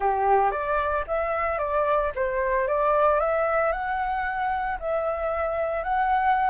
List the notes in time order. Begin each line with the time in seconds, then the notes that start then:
0.00 G4
0.51 D5
1.07 E5
1.58 D5
2.15 C5
2.67 D5
3.20 E5
3.72 F#5
4.79 E5
5.83 F#5